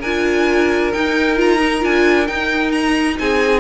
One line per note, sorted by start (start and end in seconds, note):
0.00 0.93 D4
0.00 0.94 F4
0.00 3.16 A#4
0.00 0.92 G#5
0.93 1.37 D#4
0.93 1.84 D#4
0.93 1.38 G5
1.37 1.60 F4
1.37 1.85 A#5
1.60 1.81 D#4
1.81 2.29 D4
1.81 2.26 F4
1.81 2.28 G#5
2.28 3.61 D#4
2.28 3.19 D#4
2.28 2.72 G5
2.72 3.17 A#5
3.19 3.61 C4
3.19 3.61 G#4
3.19 3.61 G#5